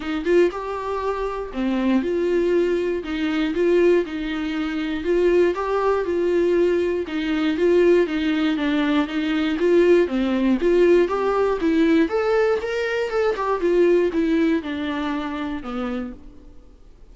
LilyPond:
\new Staff \with { instrumentName = "viola" } { \time 4/4 \tempo 4 = 119 dis'8 f'8 g'2 c'4 | f'2 dis'4 f'4 | dis'2 f'4 g'4 | f'2 dis'4 f'4 |
dis'4 d'4 dis'4 f'4 | c'4 f'4 g'4 e'4 | a'4 ais'4 a'8 g'8 f'4 | e'4 d'2 b4 | }